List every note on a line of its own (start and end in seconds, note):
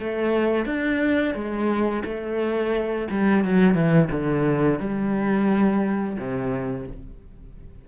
0.00 0.66 A3
0.66 1.34 D4
1.34 2.03 G#3
2.05 3.08 A3
3.11 3.45 G3
3.45 3.74 F#3
3.74 4.09 E3
4.11 4.79 D3
4.79 6.17 G3
6.18 6.87 C3